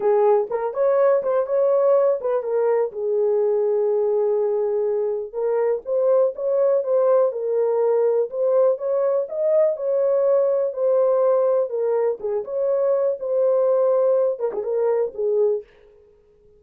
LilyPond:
\new Staff \with { instrumentName = "horn" } { \time 4/4 \tempo 4 = 123 gis'4 ais'8 cis''4 c''8 cis''4~ | cis''8 b'8 ais'4 gis'2~ | gis'2. ais'4 | c''4 cis''4 c''4 ais'4~ |
ais'4 c''4 cis''4 dis''4 | cis''2 c''2 | ais'4 gis'8 cis''4. c''4~ | c''4. ais'16 gis'16 ais'4 gis'4 | }